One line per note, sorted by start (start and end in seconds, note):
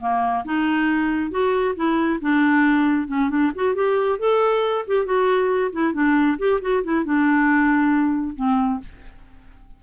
0.00 0.44 A#3
0.45 1.31 D#4
1.31 1.75 F#4
1.75 2.20 E4
2.21 3.07 D4
3.07 3.29 C#4
3.29 3.52 D4
3.55 3.74 F#4
3.74 4.19 G4
4.19 4.85 A4
4.87 5.05 G4
5.05 5.71 F#4
5.72 5.93 E4
5.93 6.37 D4
6.38 6.60 G4
6.61 6.83 F#4
6.83 7.04 E4
7.04 8.36 D4
8.36 8.80 C4